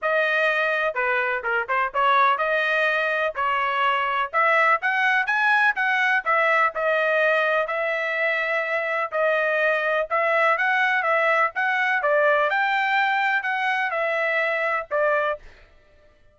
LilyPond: \new Staff \with { instrumentName = "trumpet" } { \time 4/4 \tempo 4 = 125 dis''2 b'4 ais'8 c''8 | cis''4 dis''2 cis''4~ | cis''4 e''4 fis''4 gis''4 | fis''4 e''4 dis''2 |
e''2. dis''4~ | dis''4 e''4 fis''4 e''4 | fis''4 d''4 g''2 | fis''4 e''2 d''4 | }